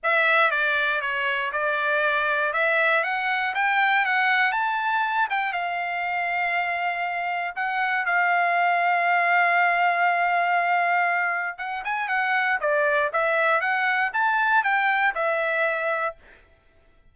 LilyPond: \new Staff \with { instrumentName = "trumpet" } { \time 4/4 \tempo 4 = 119 e''4 d''4 cis''4 d''4~ | d''4 e''4 fis''4 g''4 | fis''4 a''4. g''8 f''4~ | f''2. fis''4 |
f''1~ | f''2. fis''8 gis''8 | fis''4 d''4 e''4 fis''4 | a''4 g''4 e''2 | }